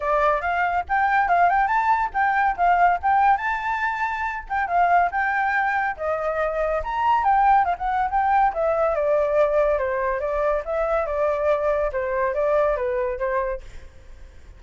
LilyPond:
\new Staff \with { instrumentName = "flute" } { \time 4/4 \tempo 4 = 141 d''4 f''4 g''4 f''8 g''8 | a''4 g''4 f''4 g''4 | a''2~ a''8 g''8 f''4 | g''2 dis''2 |
ais''4 g''4 f''16 fis''8. g''4 | e''4 d''2 c''4 | d''4 e''4 d''2 | c''4 d''4 b'4 c''4 | }